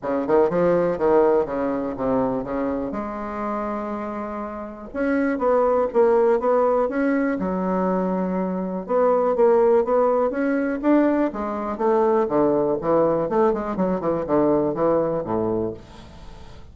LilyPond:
\new Staff \with { instrumentName = "bassoon" } { \time 4/4 \tempo 4 = 122 cis8 dis8 f4 dis4 cis4 | c4 cis4 gis2~ | gis2 cis'4 b4 | ais4 b4 cis'4 fis4~ |
fis2 b4 ais4 | b4 cis'4 d'4 gis4 | a4 d4 e4 a8 gis8 | fis8 e8 d4 e4 a,4 | }